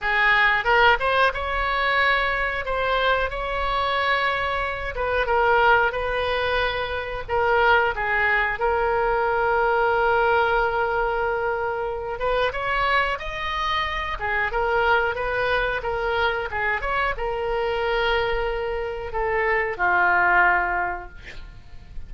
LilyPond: \new Staff \with { instrumentName = "oboe" } { \time 4/4 \tempo 4 = 91 gis'4 ais'8 c''8 cis''2 | c''4 cis''2~ cis''8 b'8 | ais'4 b'2 ais'4 | gis'4 ais'2.~ |
ais'2~ ais'8 b'8 cis''4 | dis''4. gis'8 ais'4 b'4 | ais'4 gis'8 cis''8 ais'2~ | ais'4 a'4 f'2 | }